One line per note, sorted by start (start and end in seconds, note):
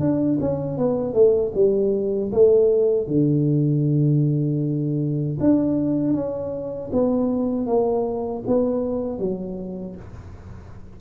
0.00 0.38 D4
0.41 0.78 C#4
0.78 1.14 B3
1.14 1.52 A3
1.55 2.31 G3
2.32 3.07 A3
3.07 5.38 D3
5.40 6.14 D4
6.14 6.91 C#4
6.92 7.66 B3
7.66 8.43 A#3
8.47 9.19 B3
9.19 9.96 F#3